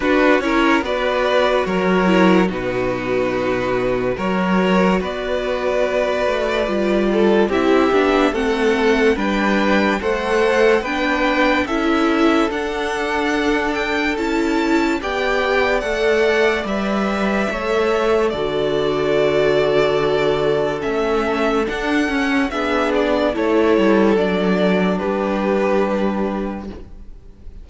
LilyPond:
<<
  \new Staff \with { instrumentName = "violin" } { \time 4/4 \tempo 4 = 72 b'8 cis''8 d''4 cis''4 b'4~ | b'4 cis''4 d''2~ | d''4 e''4 fis''4 g''4 | fis''4 g''4 e''4 fis''4~ |
fis''8 g''8 a''4 g''4 fis''4 | e''2 d''2~ | d''4 e''4 fis''4 e''8 d''8 | cis''4 d''4 b'2 | }
  \new Staff \with { instrumentName = "violin" } { \time 4/4 fis'8 ais'8 b'4 ais'4 fis'4~ | fis'4 ais'4 b'2~ | b'8 a'8 g'4 a'4 b'4 | c''4 b'4 a'2~ |
a'2 d''2~ | d''4 cis''4 a'2~ | a'2. gis'4 | a'2 g'2 | }
  \new Staff \with { instrumentName = "viola" } { \time 4/4 d'8 e'8 fis'4. e'8 dis'4~ | dis'4 fis'2. | f'4 e'8 d'8 c'4 d'4 | a'4 d'4 e'4 d'4~ |
d'4 e'4 g'4 a'4 | b'4 a'4 fis'2~ | fis'4 cis'4 d'8 cis'8 d'4 | e'4 d'2. | }
  \new Staff \with { instrumentName = "cello" } { \time 4/4 d'8 cis'8 b4 fis4 b,4~ | b,4 fis4 b4. a8 | g4 c'8 b8 a4 g4 | a4 b4 cis'4 d'4~ |
d'4 cis'4 b4 a4 | g4 a4 d2~ | d4 a4 d'8 cis'8 b4 | a8 g8 fis4 g2 | }
>>